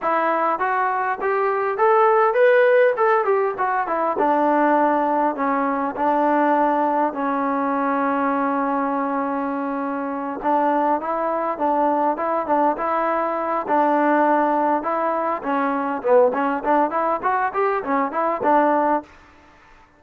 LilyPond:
\new Staff \with { instrumentName = "trombone" } { \time 4/4 \tempo 4 = 101 e'4 fis'4 g'4 a'4 | b'4 a'8 g'8 fis'8 e'8 d'4~ | d'4 cis'4 d'2 | cis'1~ |
cis'4. d'4 e'4 d'8~ | d'8 e'8 d'8 e'4. d'4~ | d'4 e'4 cis'4 b8 cis'8 | d'8 e'8 fis'8 g'8 cis'8 e'8 d'4 | }